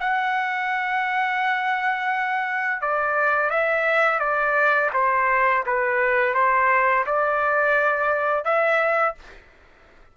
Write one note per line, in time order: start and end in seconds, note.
0.00 2.82 F#5
2.82 3.51 D5
3.51 4.20 E5
4.20 4.91 D5
4.94 5.65 C5
5.67 6.35 B4
6.35 7.05 C5
7.07 8.45 D5
8.45 9.15 E5